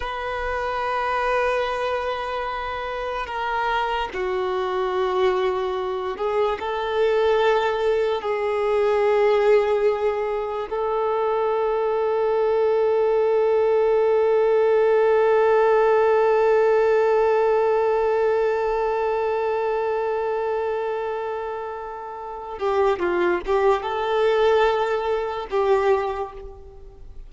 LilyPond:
\new Staff \with { instrumentName = "violin" } { \time 4/4 \tempo 4 = 73 b'1 | ais'4 fis'2~ fis'8 gis'8 | a'2 gis'2~ | gis'4 a'2.~ |
a'1~ | a'1~ | a'2.~ a'8 g'8 | f'8 g'8 a'2 g'4 | }